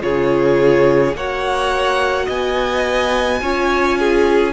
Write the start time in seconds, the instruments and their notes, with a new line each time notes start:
0.00 cello C#3, viola F4, violin G#4 C#5
1.14 cello A#3, viola F#4, violin C#5 F#5
2.26 cello B3, violin D#5 G#5
3.41 cello C#4, viola F4, violin C#5
3.99 violin G#4